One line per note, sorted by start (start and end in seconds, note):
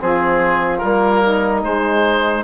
0.00 0.84 F3
0.00 0.82 C4
0.00 1.22 F4
0.00 0.78 G#4
0.78 1.65 G3
0.78 1.64 A#3
0.78 1.61 A#4
1.22 2.44 D#4
1.64 2.44 G#3
1.64 2.44 C5